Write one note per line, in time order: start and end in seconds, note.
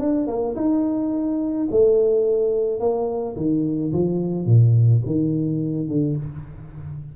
0.00 0.28 D4
0.28 0.56 A#3
0.56 1.68 D#4
1.71 2.80 A3
2.80 3.36 A#3
3.37 3.93 D#3
3.93 4.47 F3
4.47 5.03 A#2
5.06 5.89 D#3
5.89 6.17 D3